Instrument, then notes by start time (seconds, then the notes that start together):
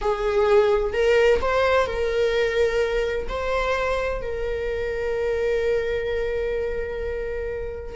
viola
0.01 G#4
0.93 A#4
1.41 C5
1.86 A#4
3.28 C5
4.21 A#4